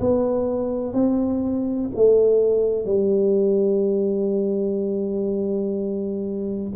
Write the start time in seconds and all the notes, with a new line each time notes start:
0.00 B3
0.93 C4
1.95 A3
2.85 G3